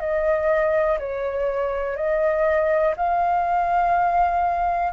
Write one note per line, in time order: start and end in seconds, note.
0.00 0.98 D#5
0.99 1.96 C#5
1.96 2.95 D#5
2.96 4.93 F5